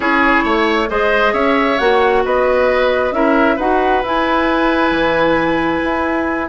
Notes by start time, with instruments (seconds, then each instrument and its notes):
0.00 bassoon C#4, clarinet E4, oboe G#4, flute C#5
0.44 bassoon A3, oboe C#5
0.89 bassoon G#3, clarinet G#4, oboe C5, flute D#5
1.33 bassoon C#4, oboe C#5, flute E5
1.78 bassoon A#3, clarinet F#4, flute F#5
2.24 bassoon B3, oboe B4, flute D#5
3.11 bassoon C#4, clarinet E4, oboe A#4, flute E5
3.56 bassoon D#4, clarinet F#4, oboe B4, flute F#5
4.02 bassoon E4, clarinet E4, flute G#5
4.90 bassoon E3
5.83 bassoon E4